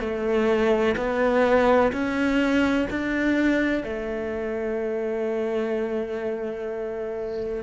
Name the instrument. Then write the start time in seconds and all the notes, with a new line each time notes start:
cello
0.00 A3
0.97 B3
1.93 C#4
2.90 D4
3.84 A3